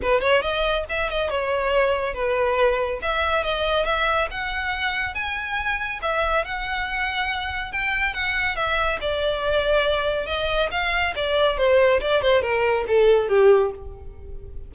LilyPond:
\new Staff \with { instrumentName = "violin" } { \time 4/4 \tempo 4 = 140 b'8 cis''8 dis''4 e''8 dis''8 cis''4~ | cis''4 b'2 e''4 | dis''4 e''4 fis''2 | gis''2 e''4 fis''4~ |
fis''2 g''4 fis''4 | e''4 d''2. | dis''4 f''4 d''4 c''4 | d''8 c''8 ais'4 a'4 g'4 | }